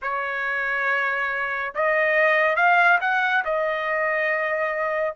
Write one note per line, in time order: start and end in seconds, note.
0.02 1.73 C#5
1.75 2.56 D#5
2.56 2.98 F5
3.00 3.43 F#5
3.44 5.15 D#5